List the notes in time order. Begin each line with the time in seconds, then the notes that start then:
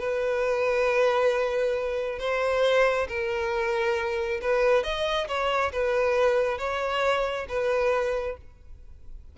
0.00 B4
2.19 C5
3.09 A#4
4.42 B4
4.84 D#5
5.28 C#5
5.73 B4
6.59 C#5
7.49 B4